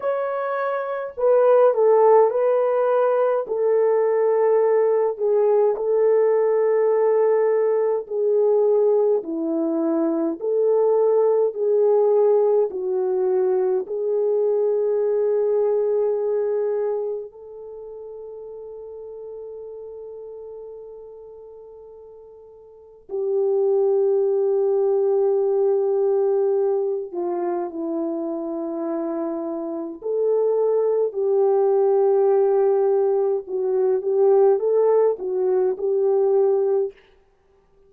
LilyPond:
\new Staff \with { instrumentName = "horn" } { \time 4/4 \tempo 4 = 52 cis''4 b'8 a'8 b'4 a'4~ | a'8 gis'8 a'2 gis'4 | e'4 a'4 gis'4 fis'4 | gis'2. a'4~ |
a'1 | g'2.~ g'8 f'8 | e'2 a'4 g'4~ | g'4 fis'8 g'8 a'8 fis'8 g'4 | }